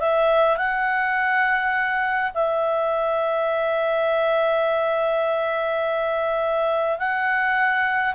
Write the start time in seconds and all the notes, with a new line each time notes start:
0.00 E5
0.57 F#5
2.34 E5
6.98 F#5